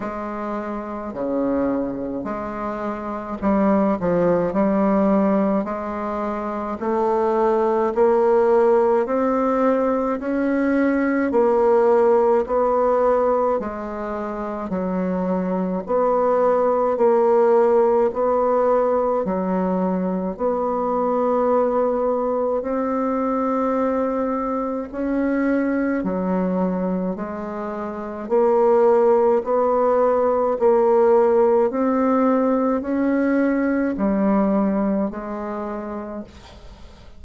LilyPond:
\new Staff \with { instrumentName = "bassoon" } { \time 4/4 \tempo 4 = 53 gis4 cis4 gis4 g8 f8 | g4 gis4 a4 ais4 | c'4 cis'4 ais4 b4 | gis4 fis4 b4 ais4 |
b4 fis4 b2 | c'2 cis'4 fis4 | gis4 ais4 b4 ais4 | c'4 cis'4 g4 gis4 | }